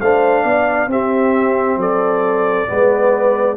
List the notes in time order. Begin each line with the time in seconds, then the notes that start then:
0.00 A3 D4 C5 F5
0.43 B3 D5
0.87 C4 G4 E5
1.76 F#3 A4 D5
2.67 G#3 B3 B4